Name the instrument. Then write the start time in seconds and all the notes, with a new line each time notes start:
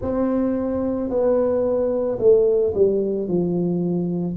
tuba
0.01 C4
1.09 B3
2.18 A3
2.74 G3
3.28 F3